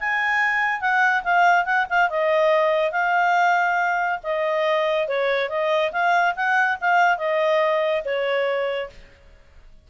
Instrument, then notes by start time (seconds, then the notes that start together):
clarinet
0.00 G#5
0.81 F#5
1.24 F5
1.65 F#5
1.90 F5
2.10 D#5
2.92 F5
4.23 D#5
5.08 C#5
5.49 D#5
5.92 F5
6.36 F#5
6.81 F5
7.18 D#5
8.05 C#5